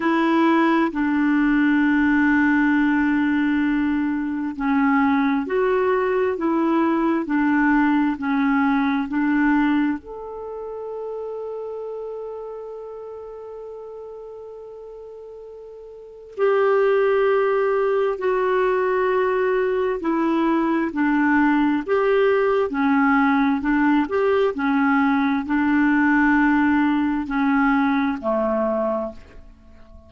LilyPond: \new Staff \with { instrumentName = "clarinet" } { \time 4/4 \tempo 4 = 66 e'4 d'2.~ | d'4 cis'4 fis'4 e'4 | d'4 cis'4 d'4 a'4~ | a'1~ |
a'2 g'2 | fis'2 e'4 d'4 | g'4 cis'4 d'8 g'8 cis'4 | d'2 cis'4 a4 | }